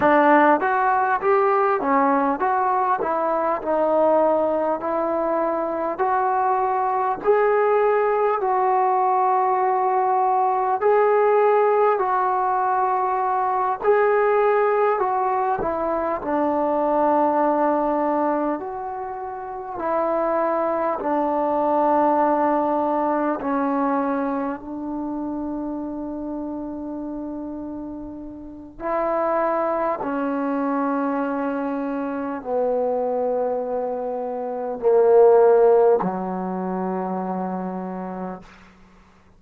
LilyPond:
\new Staff \with { instrumentName = "trombone" } { \time 4/4 \tempo 4 = 50 d'8 fis'8 g'8 cis'8 fis'8 e'8 dis'4 | e'4 fis'4 gis'4 fis'4~ | fis'4 gis'4 fis'4. gis'8~ | gis'8 fis'8 e'8 d'2 fis'8~ |
fis'8 e'4 d'2 cis'8~ | cis'8 d'2.~ d'8 | e'4 cis'2 b4~ | b4 ais4 fis2 | }